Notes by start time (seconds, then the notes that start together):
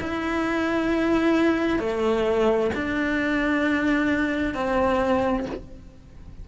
0.00 E4
1.79 A3
2.74 D4
4.54 C4